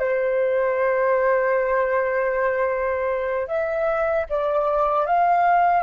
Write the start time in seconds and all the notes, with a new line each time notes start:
0.00 C5
3.48 E5
4.30 D5
5.07 F5